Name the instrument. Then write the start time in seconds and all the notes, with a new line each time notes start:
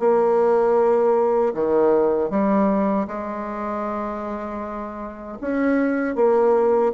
bassoon
0.00 A#3
1.54 D#3
2.30 G3
3.08 G#3
5.41 C#4
6.16 A#3